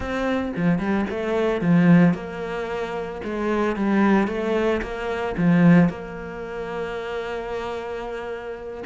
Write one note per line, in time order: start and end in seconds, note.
0.00 0.52 C4
0.56 0.78 F3
0.78 1.05 G3
1.10 1.61 A3
1.61 2.14 F3
2.14 3.21 A#3
3.24 3.75 G#3
3.75 4.27 G3
4.27 4.81 A3
4.82 5.35 A#3
5.37 5.89 F3
5.89 8.83 A#3